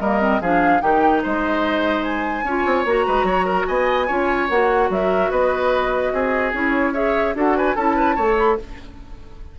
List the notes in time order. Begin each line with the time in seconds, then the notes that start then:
0.00 G3 A#3 A#4 D#5
0.21 C4
0.41 F3 D4 G#4 F5
0.81 D#3 D#4 G4 G5
1.23 G#3 C5 D#5
2.03 G#5
2.44 C#4 F4 C#5
2.66 C4
2.85 A#3 F#4 A#5
3.06 G#3 B4
3.23 F#3 C#5
3.46 A#4
3.67 B3 D#5 G#5
4.07 C#4 F4 C#5
4.49 A#3 F#4 F#5
4.90 F#3 A#4 E5
5.31 B3 B4 D#5
6.13 C4 G#4
6.53 C#4 E4 C#5
6.94 G#4 C#5 E5
7.35 D4 F#4 A4 F#5
7.57 B4 G#5
7.76 C#4 E4 A4 A5
7.96 B4
8.16 A3 A4 C#5
8.38 B5